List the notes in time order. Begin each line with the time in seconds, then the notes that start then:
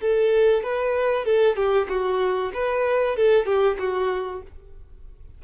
0.00 A4
0.63 B4
1.25 A4
1.56 G4
1.88 F#4
2.53 B4
3.16 A4
3.45 G4
3.79 F#4